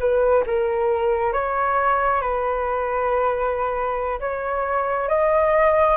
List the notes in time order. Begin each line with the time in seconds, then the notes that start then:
0.00 B4
0.47 A#4
1.33 C#5
2.22 B4
4.21 C#5
5.09 D#5